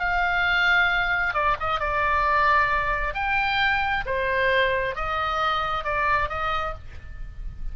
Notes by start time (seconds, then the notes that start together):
0.00 F5
1.34 D5
1.60 D#5
1.80 D5
3.15 G5
4.06 C5
4.96 D#5
5.85 D5
6.30 D#5